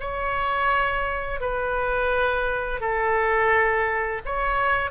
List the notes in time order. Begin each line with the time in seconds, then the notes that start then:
0.00 C#5
1.40 B4
2.80 A4
4.25 C#5